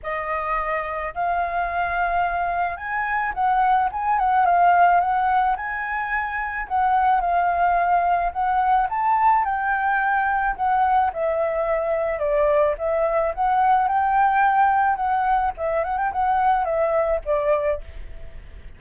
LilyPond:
\new Staff \with { instrumentName = "flute" } { \time 4/4 \tempo 4 = 108 dis''2 f''2~ | f''4 gis''4 fis''4 gis''8 fis''8 | f''4 fis''4 gis''2 | fis''4 f''2 fis''4 |
a''4 g''2 fis''4 | e''2 d''4 e''4 | fis''4 g''2 fis''4 | e''8 fis''16 g''16 fis''4 e''4 d''4 | }